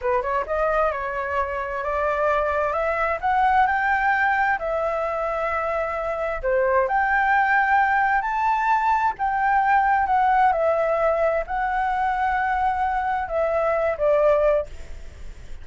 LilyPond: \new Staff \with { instrumentName = "flute" } { \time 4/4 \tempo 4 = 131 b'8 cis''8 dis''4 cis''2 | d''2 e''4 fis''4 | g''2 e''2~ | e''2 c''4 g''4~ |
g''2 a''2 | g''2 fis''4 e''4~ | e''4 fis''2.~ | fis''4 e''4. d''4. | }